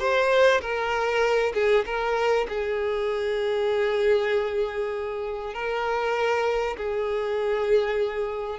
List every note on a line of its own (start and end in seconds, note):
0.00 0.61 C5
0.62 1.53 A#4
1.54 1.85 G#4
1.86 2.47 A#4
2.49 5.54 G#4
5.54 6.77 A#4
6.77 8.59 G#4